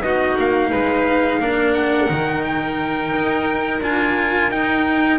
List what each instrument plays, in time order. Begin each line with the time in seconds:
0.00 double bass B3, cello D#4, violin F#4, trumpet D#5
0.37 double bass A#3, trumpet F5
0.70 double bass G#3, violin B4
1.39 double bass A#3, cello D4, violin A#4
1.74 trumpet F#5
2.08 double bass D#3, cello D#4
2.43 trumpet G5
3.12 double bass D#4
3.80 double bass D4, cello F4, trumpet G#5
4.49 double bass D#4, cello D#4, trumpet G5